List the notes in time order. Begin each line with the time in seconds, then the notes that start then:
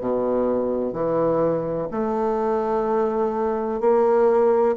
0.00 B2
0.92 E3
1.90 A3
3.80 A#3